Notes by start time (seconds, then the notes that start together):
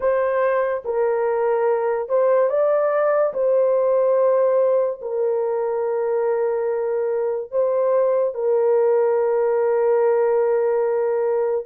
0.00 C5
0.84 A#4
2.08 C5
2.49 D5
3.33 C5
5.01 A#4
7.51 C5
8.34 A#4